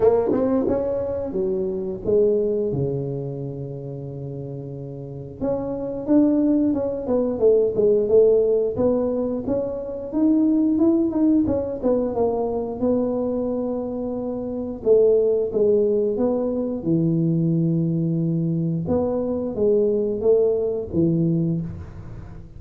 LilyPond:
\new Staff \with { instrumentName = "tuba" } { \time 4/4 \tempo 4 = 89 ais8 c'8 cis'4 fis4 gis4 | cis1 | cis'4 d'4 cis'8 b8 a8 gis8 | a4 b4 cis'4 dis'4 |
e'8 dis'8 cis'8 b8 ais4 b4~ | b2 a4 gis4 | b4 e2. | b4 gis4 a4 e4 | }